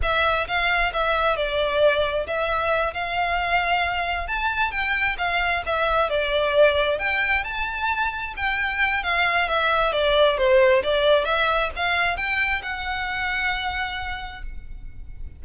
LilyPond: \new Staff \with { instrumentName = "violin" } { \time 4/4 \tempo 4 = 133 e''4 f''4 e''4 d''4~ | d''4 e''4. f''4.~ | f''4. a''4 g''4 f''8~ | f''8 e''4 d''2 g''8~ |
g''8 a''2 g''4. | f''4 e''4 d''4 c''4 | d''4 e''4 f''4 g''4 | fis''1 | }